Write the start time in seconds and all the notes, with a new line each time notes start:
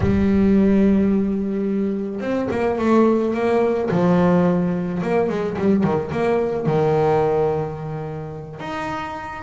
0.00 G3
2.20 C4
2.50 A#3
2.78 A3
3.34 A#3
3.90 F3
5.02 A#3
5.29 G#3
5.58 G3
5.83 D#3
6.11 A#3
6.65 D#3
8.59 D#4